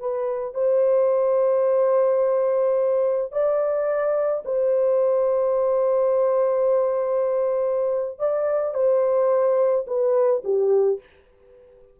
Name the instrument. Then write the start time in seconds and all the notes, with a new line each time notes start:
horn
0.00 B4
0.54 C5
3.32 D5
4.45 C5
8.19 D5
8.74 C5
9.87 B4
10.44 G4